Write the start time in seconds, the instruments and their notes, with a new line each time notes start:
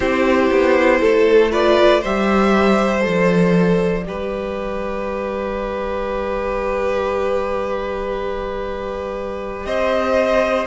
0.00 cello C4, viola E4, violin G4 C5
0.50 cello B3
1.00 cello A3, violin A4
1.51 viola F4, violin B4 D5
2.00 cello G3, viola G4, violin C5 E5
3.00 cello F3, viola A4, violin D5
4.06 cello G3, viola G4, violin B4
9.65 cello C4, violin C5 D#5